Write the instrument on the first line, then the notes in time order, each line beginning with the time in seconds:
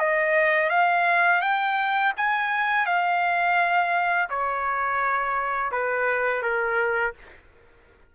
trumpet
0.00 D#5
0.70 F5
1.42 G5
2.17 G#5
2.86 F5
4.30 C#5
5.72 B4
6.43 A#4